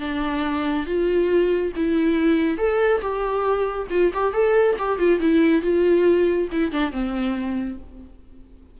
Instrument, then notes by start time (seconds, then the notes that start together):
viola
0.00 D4
0.86 F4
1.76 E4
2.58 A4
3.02 G4
3.90 F4
4.14 G4
4.33 A4
4.79 G4
4.99 F4
5.20 E4
5.62 F4
6.52 E4
6.72 D4
6.92 C4